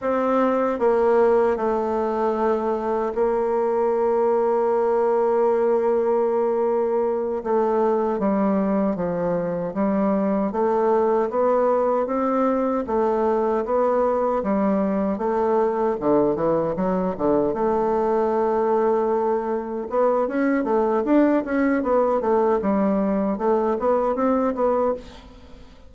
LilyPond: \new Staff \with { instrumentName = "bassoon" } { \time 4/4 \tempo 4 = 77 c'4 ais4 a2 | ais1~ | ais4. a4 g4 f8~ | f8 g4 a4 b4 c'8~ |
c'8 a4 b4 g4 a8~ | a8 d8 e8 fis8 d8 a4.~ | a4. b8 cis'8 a8 d'8 cis'8 | b8 a8 g4 a8 b8 c'8 b8 | }